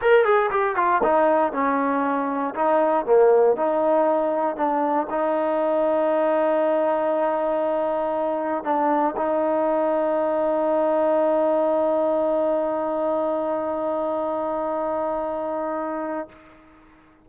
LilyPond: \new Staff \with { instrumentName = "trombone" } { \time 4/4 \tempo 4 = 118 ais'8 gis'8 g'8 f'8 dis'4 cis'4~ | cis'4 dis'4 ais4 dis'4~ | dis'4 d'4 dis'2~ | dis'1~ |
dis'4 d'4 dis'2~ | dis'1~ | dis'1~ | dis'1 | }